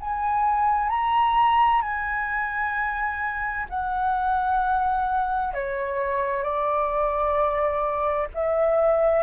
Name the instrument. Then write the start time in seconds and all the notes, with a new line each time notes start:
flute
0.00 G#5
0.89 A#5
1.82 G#5
3.69 F#5
5.53 C#5
6.43 D5
8.34 E5